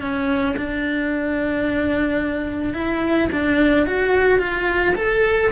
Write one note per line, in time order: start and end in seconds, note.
0.00 0.55 C#4
0.56 2.73 D4
2.73 3.28 E4
3.32 3.86 D4
3.86 4.38 F#4
4.38 4.93 F4
4.95 5.50 A4